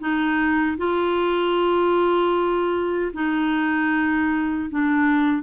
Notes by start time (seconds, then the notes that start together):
0.00 D#4
0.78 F4
3.14 D#4
4.70 D4